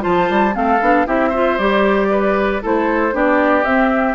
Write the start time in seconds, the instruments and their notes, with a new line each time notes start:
0.00 bassoon F3, clarinet F4, oboe C5, flute A5
0.30 bassoon G3
0.53 bassoon A3, clarinet C4, oboe A4, flute F5
0.80 bassoon B3, clarinet D4
1.06 bassoon C4, clarinet E4, oboe G4, flute E5
1.29 clarinet F4, oboe C5
1.58 bassoon G3, clarinet G4, flute D5
2.10 oboe B4
2.62 bassoon A3, clarinet E4, oboe A4, flute C5
3.12 bassoon B3, clarinet D4, oboe G4, flute D5
3.64 bassoon C4, clarinet C4, flute E5